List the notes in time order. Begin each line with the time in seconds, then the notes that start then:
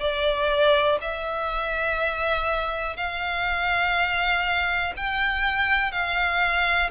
0.00 D5
1.01 E5
2.96 F5
4.96 G5
5.92 F5